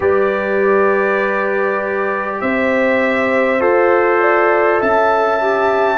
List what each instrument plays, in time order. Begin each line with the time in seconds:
0.00 tuba G3, trombone G4, horn B4, trumpet D5
2.40 tuba C4, horn C5, trumpet E5
3.60 tuba F4, trombone A4, trumpet C5
4.20 horn D5
4.79 tuba C#4, horn E5, trumpet A5
5.40 trombone G4